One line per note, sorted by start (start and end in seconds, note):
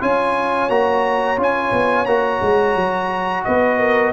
0.00 0.69 C#4
0.00 0.69 F4
0.00 3.45 C#5
0.00 0.69 G#5
0.69 1.37 A#3
0.69 1.37 F#4
0.69 1.38 A#5
1.37 1.71 C#4
1.37 2.06 F4
1.37 2.05 G#5
1.72 2.05 B3
2.05 2.40 A#3
2.05 4.12 F#4
2.05 3.43 A#5
2.41 2.75 G#3
2.75 3.44 F#3
3.44 4.12 B3
3.44 3.78 B4
3.44 4.12 D#5
3.78 4.12 A#4